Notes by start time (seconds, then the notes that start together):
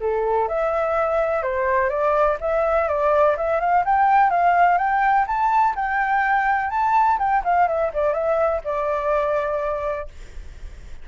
0.00 A4
0.48 E5
1.42 C5
1.89 D5
2.40 E5
2.88 D5
3.37 E5
3.60 F5
3.85 G5
4.30 F5
4.77 G5
5.27 A5
5.75 G5
6.70 A5
7.18 G5
7.44 F5
7.67 E5
7.93 D5
8.13 E5
8.64 D5